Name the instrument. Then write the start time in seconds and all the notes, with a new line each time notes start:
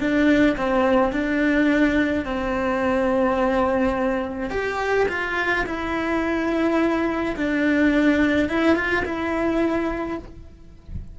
cello
0.00 D4
0.57 C4
1.13 D4
2.25 C4
4.51 G4
5.09 F4
5.67 E4
7.36 D4
8.50 E4
8.76 F4
9.05 E4